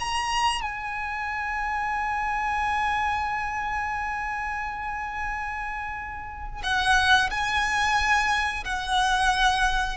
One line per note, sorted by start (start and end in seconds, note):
0.00 0.62 A#5
0.62 6.62 G#5
6.64 7.30 F#5
7.31 8.64 G#5
8.65 9.98 F#5